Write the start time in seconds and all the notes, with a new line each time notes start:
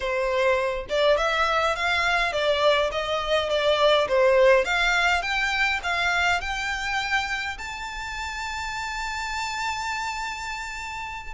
0.00 C5
0.89 D5
1.17 E5
1.75 F5
2.32 D5
2.91 D#5
3.49 D5
4.08 C5
4.64 F5
5.21 G5
5.83 F5
6.41 G5
7.58 A5